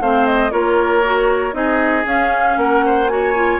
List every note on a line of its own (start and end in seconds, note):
0.00 0.51 A3
0.00 0.50 C4
0.00 0.52 C5
0.00 0.26 F5
0.26 0.51 D#5
0.50 1.53 A#3
0.50 1.02 F4
0.50 1.54 A#4
0.50 1.53 C#5
1.04 1.52 F#4
1.52 2.04 C4
1.52 2.03 D#4
1.52 2.59 G#4
1.52 2.05 D#5
2.05 2.56 C#4
2.05 3.08 C#4
2.05 2.58 F5
2.57 3.59 A#3
2.57 2.85 A#4
2.57 3.07 F#5
2.86 3.11 C5
3.07 3.33 F#4
3.07 3.60 C#5
3.07 3.59 G#5
3.35 3.60 F4